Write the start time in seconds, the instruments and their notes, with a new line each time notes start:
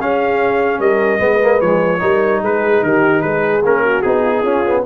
0.00 tuba C#4, trombone C#4, horn G#4, trumpet F5
0.79 tuba G3, horn A#4, trumpet D#5
1.19 tuba G#3, trombone B3, horn B4
1.42 trombone A#3
1.61 tuba F3, trombone G#3, trumpet C#5
2.00 tuba G3, trombone D#4, horn A#4
2.42 tuba G#3, horn G#4, trumpet B4
2.83 tuba D#3, horn G4, trumpet A#4
3.22 tuba G#3, horn G#4, trumpet B4
3.64 tuba A#3, trombone C#4, trumpet A#4
3.83 horn F#4
4.02 tuba B3, trombone D#4, trumpet G#4
4.23 horn F4
4.37 horn D#4
4.43 tuba C#4, trombone C#4, horn F4
4.66 trombone B3